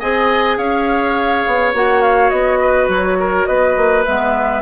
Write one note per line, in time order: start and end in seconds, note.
0.00 0.58 C4
0.00 1.75 G#4
0.00 0.58 D#5
0.00 0.58 G#5
0.58 1.44 C#4
0.58 2.60 C#5
0.58 1.74 F5
1.47 1.74 B3
1.74 2.32 A#3
1.74 4.06 F#4
1.74 2.02 F#5
2.02 2.30 F5
2.30 2.88 B3
2.30 2.88 D#5
2.60 3.18 B4
2.88 3.46 F#3
2.88 3.46 C#5
3.20 3.48 A#4
3.46 3.77 B3
3.46 4.62 B4
3.46 4.04 D#5
3.77 4.06 A#3
4.05 4.62 G#3
4.05 4.62 B3
4.05 4.62 E5